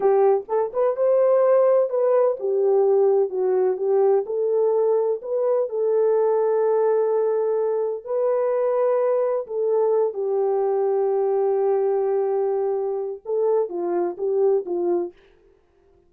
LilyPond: \new Staff \with { instrumentName = "horn" } { \time 4/4 \tempo 4 = 127 g'4 a'8 b'8 c''2 | b'4 g'2 fis'4 | g'4 a'2 b'4 | a'1~ |
a'4 b'2. | a'4. g'2~ g'8~ | g'1 | a'4 f'4 g'4 f'4 | }